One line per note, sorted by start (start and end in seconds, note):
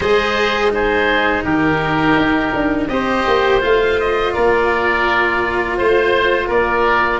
0.00 1.42 G#3
0.00 0.70 G#4
0.00 0.72 C5
0.00 0.72 D#5
0.70 2.87 D#4
0.70 1.44 G#4
0.70 1.44 C5
1.44 2.16 D#3
1.44 2.88 G4
1.44 2.88 A#4
2.16 2.53 D#4
2.54 2.88 D4
2.88 3.25 C4
2.88 3.60 G4
2.88 4.34 C5
2.88 3.60 D#5
3.26 3.62 A#3
3.60 4.35 A3
3.60 7.20 F4
3.60 4.00 F5
4.00 4.33 D#5
4.33 5.79 A#3
4.33 5.78 A#4
4.33 5.77 D5
5.77 6.49 A3
5.77 6.49 C5
5.77 6.47 C5
6.47 7.20 A#3
6.47 7.20 A#4
6.47 7.20 D5